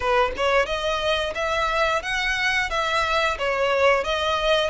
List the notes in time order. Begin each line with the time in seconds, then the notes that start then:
0.00 B4
0.36 C#5
0.66 D#5
1.35 E5
2.02 F#5
2.70 E5
3.38 C#5
4.04 D#5